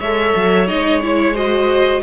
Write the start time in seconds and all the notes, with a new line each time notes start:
0.00 G#3 A4 C#5 E5
0.36 F#3
0.68 G#3 D#4 D#5
1.02 E4 C#5
1.34 F#4 C5 D#5